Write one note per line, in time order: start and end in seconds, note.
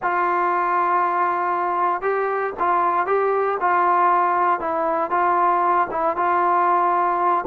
0.02 2.01 F4
2.01 2.53 G4
2.59 3.06 F4
3.06 3.57 G4
3.60 4.59 F4
4.59 5.10 E4
5.10 5.87 F4
5.90 6.16 E4
6.16 7.44 F4